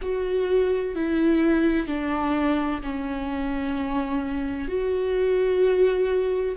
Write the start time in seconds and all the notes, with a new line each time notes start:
0.01 F#4
0.95 E4
1.87 D4
2.82 C#4
4.67 F#4